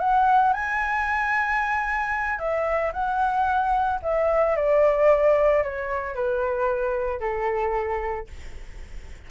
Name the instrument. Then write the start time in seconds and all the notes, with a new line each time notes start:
flute
0.00 F#5
0.54 G#5
2.39 E5
2.93 F#5
4.03 E5
4.56 D5
5.64 C#5
6.15 B4
7.20 A4